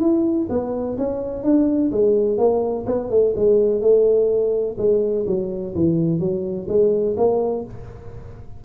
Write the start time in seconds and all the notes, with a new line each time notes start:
0.00 E4
0.50 B3
0.98 C#4
1.44 D4
1.92 G#3
2.38 A#3
2.87 B3
3.11 A3
3.36 G#3
3.82 A3
4.78 G#3
5.27 F#3
5.75 E3
6.20 F#3
6.69 G#3
7.17 A#3